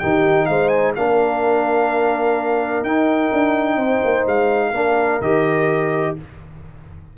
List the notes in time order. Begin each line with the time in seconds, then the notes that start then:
0.00 D#3 D#4 G4 G5
0.46 G#3 C5 F5
0.69 G#5
0.96 A#3 D4 A#4 F5
2.82 D#4 G5
3.33 D4
3.77 C4 C5
4.05 A#3
4.27 G#3 F5
4.71 A#3 D4 A#4
5.21 D#3 G4 D#5